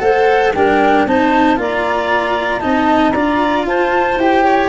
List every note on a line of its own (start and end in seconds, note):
0.00 0.53 A3
0.00 0.52 A4
0.00 0.54 C5
0.00 0.52 F#5
0.55 1.06 G3
0.55 1.08 D4
0.55 1.07 A#4
0.55 1.07 G5
1.06 1.58 C4
1.06 1.57 D#4
1.06 1.59 C5
1.06 1.60 A5
1.57 2.62 A#3
1.57 2.61 F4
1.57 2.62 D5
1.57 2.60 A#5
2.60 3.14 C4
2.60 3.13 D#4
2.60 3.14 D#5
2.60 3.12 A5
3.12 3.66 D4
3.12 4.20 F4
3.12 3.66 D5
3.12 3.64 A#5
3.66 4.18 F4
3.66 4.44 C5
3.66 4.20 A5
4.18 4.70 E4
4.18 4.70 G4
4.18 4.70 G5
4.44 4.70 C#5